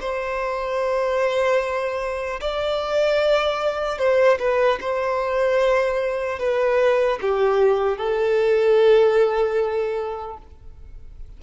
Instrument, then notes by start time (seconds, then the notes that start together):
violin
0.00 C5
2.41 D5
3.98 C5
4.39 B4
4.81 C5
6.39 B4
7.21 G4
7.97 A4